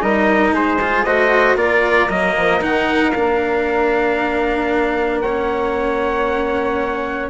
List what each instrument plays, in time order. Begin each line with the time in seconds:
0.00 bassoon G3, cello D#4, flute A#4, trumpet D#5
0.52 bassoon G#3, flute G#4, trumpet C5
0.82 cello F4
1.04 bassoon A3, cello F#4, flute C5, trumpet D#5
1.56 bassoon A#3, cello F4, flute A#4, trumpet D5
2.09 bassoon F#3, cello A#3, trumpet D#5
2.37 bassoon F3
2.61 bassoon D#3, cello D#4, trumpet F#5
3.12 bassoon A#3, cello D4, trumpet F5
5.11 flute B4
5.21 cello C#4, flute C#5, trumpet F#5